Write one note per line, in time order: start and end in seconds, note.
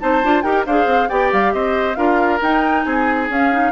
0.00 0.24 C4
0.00 0.22 D#4
0.00 0.44 C5
0.00 0.42 A5
0.24 0.44 D4
0.24 0.44 F4
0.42 0.66 D#4
0.42 0.66 G4
0.42 0.66 A#4
0.42 0.64 G5
0.66 0.86 D4
0.66 1.09 G#4
0.66 1.09 C5
0.66 1.09 F5
0.86 1.08 C4
1.09 1.32 B3
1.09 1.96 G4
1.09 1.53 D5
1.09 1.31 G5
1.32 1.53 G3
1.32 1.54 F5
1.53 1.97 C4
1.53 1.98 C5
1.53 1.95 D#5
1.95 2.40 D4
1.95 2.39 F4
1.95 2.85 A#4
1.95 2.39 F5
2.41 2.85 D#4
2.41 3.30 D#4
2.41 2.84 G5
2.84 3.29 C4
2.84 3.72 G#4
2.84 3.27 G#5
3.29 3.72 C#4
3.29 3.52 C#4
3.29 3.72 F5
3.52 3.72 D#4